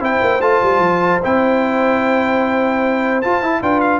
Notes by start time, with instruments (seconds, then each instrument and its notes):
0.00 tuba C4, trombone E4, horn C5, trumpet G5
0.22 tuba A#3
0.41 tuba A3, trombone F4, trumpet A5
0.63 tuba G3
0.79 tuba F3
1.23 tuba C4, trombone E4, trumpet G5
3.22 trombone F4, tuba F4, trumpet A5
3.42 tuba E4, trombone E4
3.61 tuba D4, trombone F4, horn B4, trumpet G5
3.81 trumpet F5